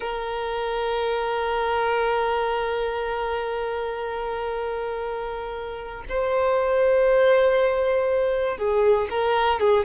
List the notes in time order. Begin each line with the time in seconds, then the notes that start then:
0.00 A#4
6.08 C5
8.57 G#4
9.10 A#4
9.60 G#4